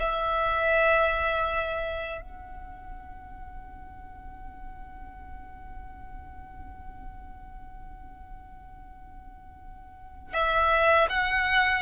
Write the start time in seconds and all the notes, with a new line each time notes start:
0.00 E5
2.22 F#5
10.34 E5
11.09 F#5